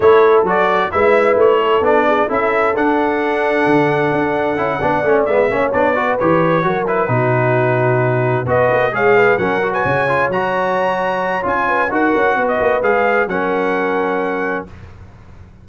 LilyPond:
<<
  \new Staff \with { instrumentName = "trumpet" } { \time 4/4 \tempo 4 = 131 cis''4 d''4 e''4 cis''4 | d''4 e''4 fis''2~ | fis''2.~ fis''8 e''8~ | e''8 d''4 cis''4. b'4~ |
b'2~ b'8 dis''4 f''8~ | f''8 fis''8. gis''4~ gis''16 ais''4.~ | ais''4 gis''4 fis''4~ fis''16 dis''8. | f''4 fis''2. | }
  \new Staff \with { instrumentName = "horn" } { \time 4/4 a'2 b'4. a'8~ | a'8 gis'8 a'2.~ | a'2~ a'8 d''4. | cis''4 b'4. ais'4 fis'8~ |
fis'2~ fis'8 b'4 cis''8 | b'8 ais'8. b'16 cis''2~ cis''8~ | cis''4. b'8 ais'4 b'4~ | b'4 ais'2. | }
  \new Staff \with { instrumentName = "trombone" } { \time 4/4 e'4 fis'4 e'2 | d'4 e'4 d'2~ | d'2 e'8 d'8 cis'8 b8 | cis'8 d'8 fis'8 g'4 fis'8 e'8 dis'8~ |
dis'2~ dis'8 fis'4 gis'8~ | gis'8 cis'8 fis'4 f'8 fis'4.~ | fis'4 f'4 fis'2 | gis'4 cis'2. | }
  \new Staff \with { instrumentName = "tuba" } { \time 4/4 a4 fis4 gis4 a4 | b4 cis'4 d'2 | d4 d'4 cis'8 b8 a8 gis8 | ais8 b4 e4 fis4 b,8~ |
b,2~ b,8 b8 ais8 gis8~ | gis8 fis4 cis4 fis4.~ | fis4 cis'4 dis'8 cis'8 b8 ais8 | gis4 fis2. | }
>>